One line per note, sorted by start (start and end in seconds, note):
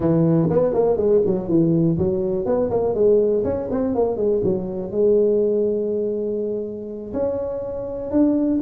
0.00 0.49 E3
0.50 0.73 B3
0.73 0.96 A#3
0.96 1.21 G#3
1.25 1.48 F#3
1.48 1.97 E3
1.98 2.45 F#3
2.45 2.70 B3
2.70 2.94 A#3
2.94 3.43 G#3
3.44 3.68 C#4
3.70 3.94 C4
3.94 4.17 A#3
4.17 4.41 G#3
4.43 4.91 F#3
4.91 7.12 G#3
7.13 8.11 C#4
8.11 8.60 D4